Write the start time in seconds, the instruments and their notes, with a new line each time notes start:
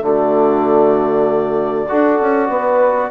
0.00 bassoon D3, trombone A3, horn F#4, clarinet D5
1.88 bassoon D4, trombone F#4, horn A4
2.20 bassoon C#4
2.48 bassoon B3, horn B4